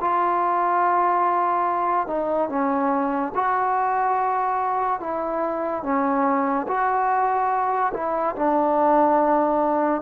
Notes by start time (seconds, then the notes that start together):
0.00 F4
2.07 D#4
2.49 C#4
3.34 F#4
5.00 E4
5.83 C#4
6.67 F#4
7.93 E4
8.35 D4